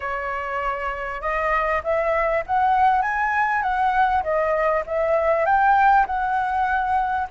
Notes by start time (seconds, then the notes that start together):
0.00 C#5
1.21 D#5
1.83 E5
2.46 F#5
3.01 G#5
3.62 F#5
4.23 D#5
4.86 E5
5.45 G5
6.06 F#5